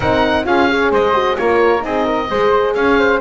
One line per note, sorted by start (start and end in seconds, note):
0.00 0.45 C4
0.00 0.45 D#4
0.00 0.44 A#4
0.00 0.45 F#5
0.45 0.91 C#4
0.45 0.68 F4
0.45 0.69 G#4
0.45 0.92 F5
0.68 1.13 G#4
0.68 0.91 C#5
0.91 1.36 G#3
0.91 1.37 C5
0.91 1.37 D#5
1.13 1.36 F#4
1.37 1.83 A#3
1.37 1.80 F4
1.37 1.85 A#4
1.37 1.83 C#5
1.80 2.29 C4
1.80 2.25 D#4
1.80 2.05 G#4
1.80 2.74 D#5
2.05 2.28 A#4
2.29 2.75 G#3
2.29 3.21 G#4
2.29 2.75 C5
2.74 3.21 C#4
2.74 2.99 C#5
2.74 3.20 F5
2.99 3.21 C5